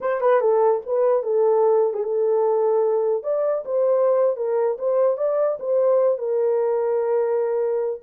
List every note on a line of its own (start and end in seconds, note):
0.00 0.20 C5
0.20 0.40 B4
0.40 0.81 A4
0.86 1.23 B4
1.23 1.93 A4
1.93 2.03 G#4
2.03 3.23 A4
3.23 3.64 D5
3.65 4.36 C5
4.36 4.77 A#4
4.78 5.17 C5
5.17 5.57 D5
5.59 6.18 C5
6.18 8.00 A#4